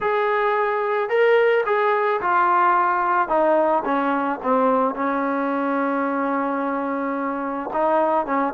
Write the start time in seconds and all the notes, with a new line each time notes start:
0.00 G#4
1.09 A#4
1.65 G#4
2.21 F4
3.28 D#4
3.84 C#4
4.42 C4
4.94 C#4
7.73 D#4
8.26 C#4